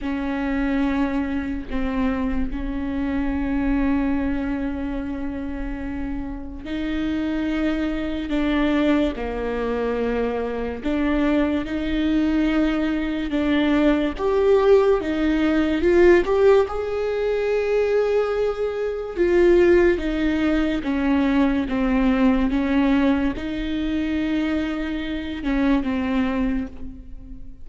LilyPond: \new Staff \with { instrumentName = "viola" } { \time 4/4 \tempo 4 = 72 cis'2 c'4 cis'4~ | cis'1 | dis'2 d'4 ais4~ | ais4 d'4 dis'2 |
d'4 g'4 dis'4 f'8 g'8 | gis'2. f'4 | dis'4 cis'4 c'4 cis'4 | dis'2~ dis'8 cis'8 c'4 | }